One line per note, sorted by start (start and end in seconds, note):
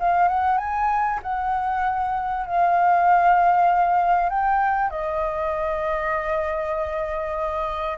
0.00 0.28 F5
0.28 0.58 F#5
0.58 1.20 G#5
1.23 2.46 F#5
2.46 4.29 F5
4.29 4.90 G5
4.90 7.98 D#5